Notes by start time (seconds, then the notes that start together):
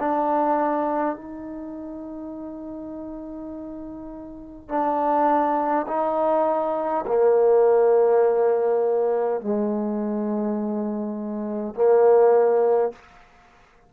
0.00 D4
1.16 D#4
4.69 D4
5.88 D#4
7.07 A#3
9.42 G#3
11.75 A#3